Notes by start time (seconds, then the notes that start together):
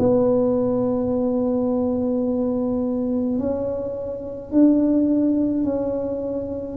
0.00 B3
3.39 C#4
4.52 D4
5.64 C#4